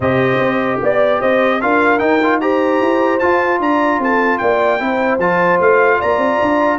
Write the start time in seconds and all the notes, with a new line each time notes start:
0.00 C3 G4 C5 D#5
0.39 C4
0.82 B3 D5
1.20 C4 C5 D#5
1.61 D4 F4 A#4 F5
1.99 D#4 G5
2.23 F4
2.40 G4 C5 A#5
2.80 E4
3.19 F4 A5
3.59 D4 D5 A#5
3.99 C4 A4 A5
4.38 A#3 D5 G5
4.79 C4 E4 C5
5.18 F3 F4 A5
5.60 A3 F5
5.98 A#3 D5 A#5
6.17 C4
6.41 D4